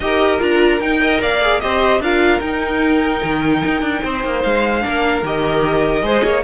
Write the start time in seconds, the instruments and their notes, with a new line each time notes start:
0.00 cello D#4, viola G4, violin A#4 D#5
0.39 cello D4, viola F4, violin A#5
0.80 cello D#4, viola D#4, violin G5
1.00 viola A#4, violin D#5
1.21 cello A#3, violin D5 F5
1.41 viola G#4
1.60 cello C4, viola G4, violin C5 D#5
2.00 cello D4, viola F4, violin A#4 F5
2.40 cello D#4, viola D#4, violin G5
3.23 cello D#3
3.65 cello D#4
3.81 cello D4
4.03 cello C4, violin C5
4.24 cello A#3
4.42 cello G#3, violin F5
4.81 cello A#3, viola D4, violin A#4
5.22 cello D#3, viola G4, violin D#5
6.01 cello G#3, viola G#4, violin C5
6.23 cello A#3, violin C#5